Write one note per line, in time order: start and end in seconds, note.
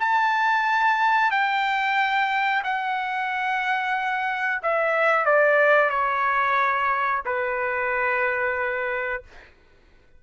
0.00 1.31 A5
1.31 2.63 G5
2.64 4.62 F#5
4.63 5.26 E5
5.26 5.90 D5
5.90 7.22 C#5
7.26 9.23 B4